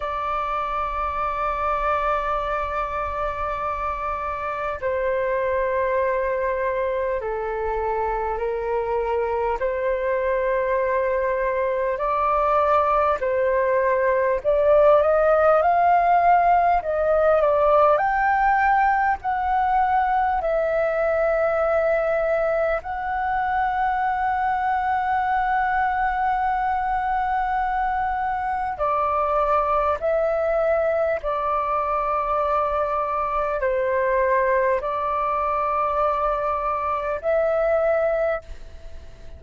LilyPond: \new Staff \with { instrumentName = "flute" } { \time 4/4 \tempo 4 = 50 d''1 | c''2 a'4 ais'4 | c''2 d''4 c''4 | d''8 dis''8 f''4 dis''8 d''8 g''4 |
fis''4 e''2 fis''4~ | fis''1 | d''4 e''4 d''2 | c''4 d''2 e''4 | }